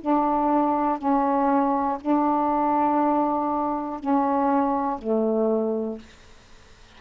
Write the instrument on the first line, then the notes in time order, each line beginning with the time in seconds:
saxophone
0.00 D4
0.98 C#4
2.00 D4
4.00 C#4
4.98 A3